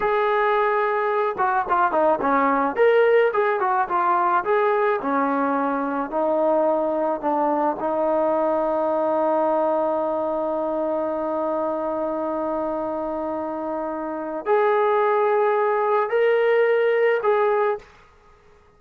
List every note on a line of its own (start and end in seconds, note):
0.00 1.36 G#4
1.37 1.65 F#4
1.69 1.91 F4
1.91 2.19 D#4
2.21 2.76 C#4
2.76 3.31 A#4
3.33 3.60 G#4
3.60 3.87 F#4
3.88 4.44 F4
4.44 4.99 G#4
5.02 6.10 C#4
6.10 7.20 D#4
7.20 7.76 D4
7.79 14.45 D#4
14.45 16.09 G#4
16.09 17.20 A#4
17.22 17.78 G#4